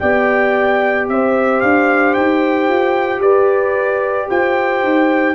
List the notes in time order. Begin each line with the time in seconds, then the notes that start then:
0.00 B3 G4 D5 G5
1.09 C4 C5 E5
1.61 D4 F5
2.14 D#4 G5
2.69 F4
3.20 G4 B4 D5
4.29 F4 C5 G5
4.83 D#4